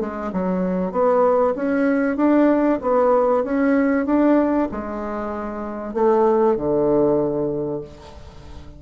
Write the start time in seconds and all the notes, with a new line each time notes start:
0.00 G#3
0.32 F#3
0.91 B3
1.55 C#4
2.16 D4
2.81 B3
3.43 C#4
4.06 D4
4.71 G#3
5.94 A3
6.56 D3